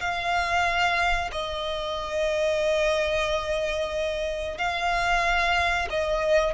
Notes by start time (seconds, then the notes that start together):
0.00 F5
1.32 D#5
4.58 F5
5.90 D#5